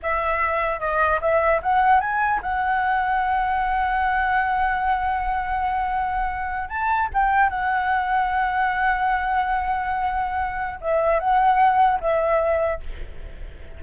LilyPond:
\new Staff \with { instrumentName = "flute" } { \time 4/4 \tempo 4 = 150 e''2 dis''4 e''4 | fis''4 gis''4 fis''2~ | fis''1~ | fis''1~ |
fis''8. a''4 g''4 fis''4~ fis''16~ | fis''1~ | fis''2. e''4 | fis''2 e''2 | }